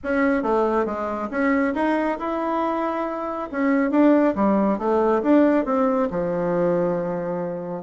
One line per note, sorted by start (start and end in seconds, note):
0.03 0.42 C#4
0.42 0.85 A3
0.85 1.28 G#3
1.30 1.74 C#4
1.74 2.17 D#4
2.19 3.49 E4
3.51 3.91 C#4
3.91 4.34 D4
4.35 4.78 G3
4.78 5.22 A3
5.22 5.65 D4
5.65 6.08 C4
6.10 7.83 F3